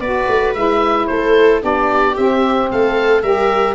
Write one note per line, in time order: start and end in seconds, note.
0.00 0.27 B3
0.00 0.55 F#4
0.00 1.08 B4
0.00 0.54 D5
0.29 0.55 A3
0.54 1.09 G#3
0.54 1.61 E4
0.54 1.07 E5
1.07 1.63 A3
1.07 1.63 A4
1.07 1.60 C5
1.61 2.17 B3
1.61 2.14 D4
1.61 2.70 G4
1.61 2.17 D5
2.16 3.23 C4
2.16 2.71 C4
2.16 2.70 E5
2.72 3.23 A3
2.72 3.23 A4
2.72 3.23 F5
3.23 3.75 G3
3.23 3.75 G4
3.23 3.75 A#4
3.23 3.75 E5